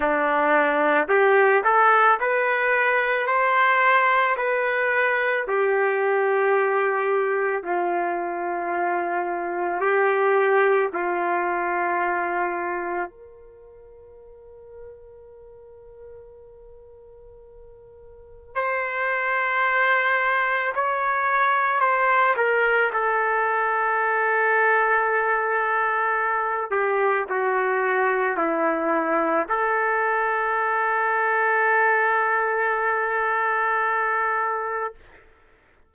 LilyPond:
\new Staff \with { instrumentName = "trumpet" } { \time 4/4 \tempo 4 = 55 d'4 g'8 a'8 b'4 c''4 | b'4 g'2 f'4~ | f'4 g'4 f'2 | ais'1~ |
ais'4 c''2 cis''4 | c''8 ais'8 a'2.~ | a'8 g'8 fis'4 e'4 a'4~ | a'1 | }